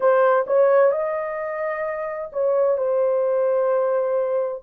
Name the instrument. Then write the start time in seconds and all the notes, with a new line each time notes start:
horn
0.00 C5
0.46 C#5
0.91 D#5
2.32 C#5
2.77 C5